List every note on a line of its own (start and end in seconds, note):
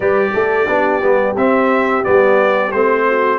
0.00 0.31 G3
0.00 0.68 G4
0.00 0.32 B4
0.00 1.36 D5
0.33 0.68 A3
0.33 0.67 A4
0.68 1.03 B3
0.68 1.01 D4
0.68 3.06 G4
1.01 1.35 G3
1.01 1.35 B3
1.35 2.03 C4
1.35 2.04 C4
1.35 2.04 E5
2.04 2.72 G3
2.04 2.72 B3
2.04 2.71 D5
2.71 3.38 A3
2.71 3.38 C4
2.71 3.38 C5
3.08 3.38 F#4